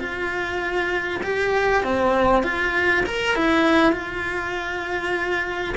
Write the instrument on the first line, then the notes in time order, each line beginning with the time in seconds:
cello
0.00 F4
1.23 G4
1.84 C4
2.44 F4
3.06 A#4
3.36 E4
3.93 F4